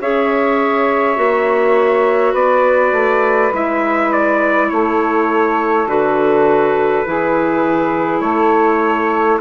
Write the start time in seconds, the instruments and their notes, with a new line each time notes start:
0.00 bassoon C#4, clarinet G#4, saxophone C#5, trumpet E5
1.16 bassoon A#3, clarinet F#4
2.32 bassoon B3, saxophone B4, trumpet D5
2.92 bassoon A3
3.53 bassoon G#3, clarinet E4, trumpet E5
4.12 trumpet D5
4.69 bassoon A3, saxophone A4, trumpet C#5
5.87 bassoon D3, clarinet F#4, trumpet B4
7.05 bassoon E3, clarinet E4, saxophone G#4
8.20 bassoon A3, saxophone A4, trumpet C#5